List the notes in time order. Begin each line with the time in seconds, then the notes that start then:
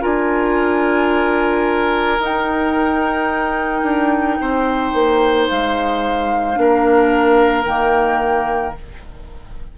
0.00 D4 F4 A#4 G#5
2.19 D#4 G5
3.82 D4
4.40 C4 C5
4.93 A#3
5.46 G#3 F5
6.54 A#3 D4 A#4
7.64 D#3 A#3 G5